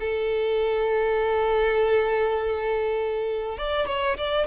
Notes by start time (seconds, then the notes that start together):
0.00 A4
3.58 D5
3.87 C#5
4.18 D5